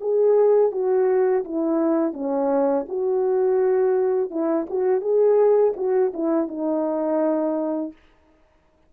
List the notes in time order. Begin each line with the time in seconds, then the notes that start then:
0.00 G#4
0.71 F#4
1.44 E4
2.13 C#4
2.88 F#4
4.30 E4
4.69 F#4
5.01 G#4
5.76 F#4
6.13 E4
6.47 D#4